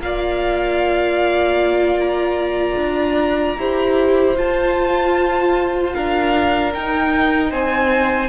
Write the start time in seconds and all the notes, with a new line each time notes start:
0.00 A#3 F4 D5 F5
2.00 A#5
2.77 D4
3.57 E4 G4 C5
4.36 F4 A5
5.94 D4 A#4 F5
6.74 D#4 G5
7.50 C4 C5 G#5